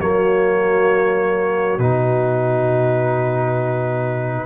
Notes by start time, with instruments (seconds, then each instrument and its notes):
0.00 tuba F#3, trombone A#3, horn F#4, trumpet C#5
1.78 tuba B2, trombone D#4, trumpet B4